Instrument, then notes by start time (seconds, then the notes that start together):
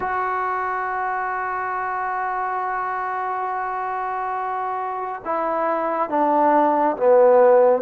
trombone
0.00 F#4
5.25 E4
6.09 D4
6.96 B3